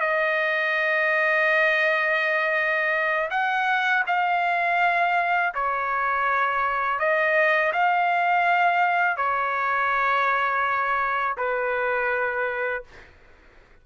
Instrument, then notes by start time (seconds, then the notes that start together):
trumpet
0.00 D#5
3.30 F#5
4.07 F5
5.54 C#5
6.99 D#5
7.73 F5
9.17 C#5
11.37 B4